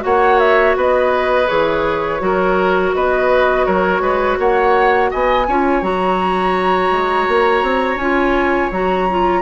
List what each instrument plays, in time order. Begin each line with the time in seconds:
0.00 bassoon A#3, clarinet F#4, oboe C#5, flute F#5
0.39 flute E5
0.76 bassoon B3, oboe B4, flute D#5
1.47 bassoon E3, clarinet G#4, flute C#5
2.19 bassoon F#3, clarinet F#4, oboe A#4
2.94 bassoon B3, oboe B4, flute D#5
3.66 bassoon F#3, oboe A#4, flute C#5
4.01 bassoon G#3, oboe B4
4.39 bassoon A#3, oboe C#5, flute F#5
5.10 bassoon B3, oboe D#5, flute G#5
5.48 bassoon C#4, clarinet F4, oboe C#5
5.82 bassoon F#3, clarinet F#4, flute A#5
6.91 bassoon G#3
7.28 bassoon A#3
7.63 bassoon C4
7.96 bassoon C#4, clarinet F4, flute G#5
8.71 bassoon F#3, clarinet F#4, flute A#5
9.10 clarinet F4